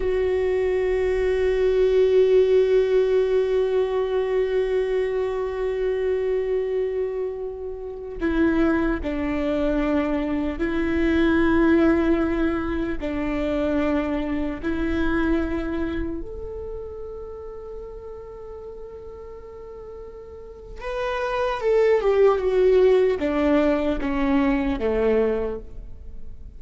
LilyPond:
\new Staff \with { instrumentName = "viola" } { \time 4/4 \tempo 4 = 75 fis'1~ | fis'1~ | fis'2~ fis'16 e'4 d'8.~ | d'4~ d'16 e'2~ e'8.~ |
e'16 d'2 e'4.~ e'16~ | e'16 a'2.~ a'8.~ | a'2 b'4 a'8 g'8 | fis'4 d'4 cis'4 a4 | }